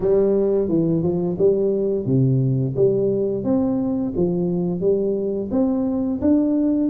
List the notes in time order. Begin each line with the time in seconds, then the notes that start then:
0.00 G3
0.68 E3
1.03 F3
1.38 G3
2.05 C3
2.76 G3
3.44 C4
4.16 F3
4.80 G3
5.51 C4
6.21 D4